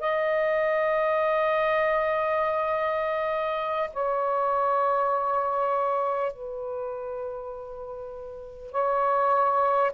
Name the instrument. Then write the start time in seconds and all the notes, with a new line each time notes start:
saxophone
0.00 D#5
3.93 C#5
6.33 B4
8.72 C#5